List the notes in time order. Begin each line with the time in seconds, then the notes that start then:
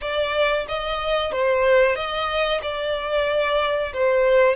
0.01 D5
0.68 D#5
1.32 C5
1.95 D#5
2.62 D5
3.93 C5